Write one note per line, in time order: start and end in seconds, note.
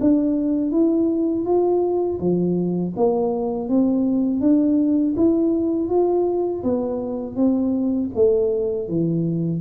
0.00 0.71 D4
0.71 1.45 E4
1.45 2.19 F4
2.20 2.94 F3
2.96 3.68 A#3
3.68 4.40 C4
4.40 5.14 D4
5.16 5.89 E4
5.89 6.63 F4
6.63 7.36 B3
7.36 8.10 C4
8.15 8.89 A3
8.89 9.61 E3